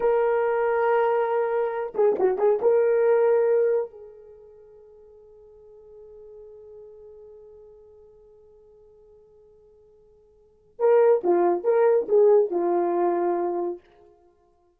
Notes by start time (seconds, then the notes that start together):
0.00 A#4
1.94 G#4
2.18 F#4
2.37 G#4
2.61 A#4
3.90 G#4
10.79 A#4
11.23 F4
11.64 A#4
12.08 G#4
12.50 F4